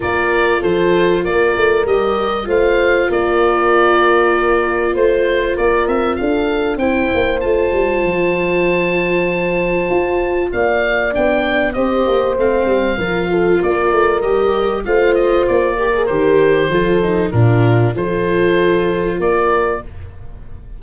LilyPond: <<
  \new Staff \with { instrumentName = "oboe" } { \time 4/4 \tempo 4 = 97 d''4 c''4 d''4 dis''4 | f''4 d''2. | c''4 d''8 e''8 f''4 g''4 | a''1~ |
a''4 f''4 g''4 dis''4 | f''2 d''4 dis''4 | f''8 dis''8 d''4 c''2 | ais'4 c''2 d''4 | }
  \new Staff \with { instrumentName = "horn" } { \time 4/4 ais'4 a'4 ais'2 | c''4 ais'2. | c''4 ais'4 a'4 c''4~ | c''1~ |
c''4 d''2 c''4~ | c''4 ais'8 a'8 ais'2 | c''4. ais'4. a'4 | f'4 a'2 ais'4 | }
  \new Staff \with { instrumentName = "viola" } { \time 4/4 f'2. g'4 | f'1~ | f'2. e'4 | f'1~ |
f'2 d'4 g'4 | c'4 f'2 g'4 | f'4. g'16 gis'16 g'4 f'8 dis'8 | d'4 f'2. | }
  \new Staff \with { instrumentName = "tuba" } { \time 4/4 ais4 f4 ais8 a8 g4 | a4 ais2. | a4 ais8 c'8 d'4 c'8 ais8 | a8 g8 f2. |
f'4 ais4 b4 c'8 ais8 | a8 g8 f4 ais8 a8 g4 | a4 ais4 dis4 f4 | ais,4 f2 ais4 | }
>>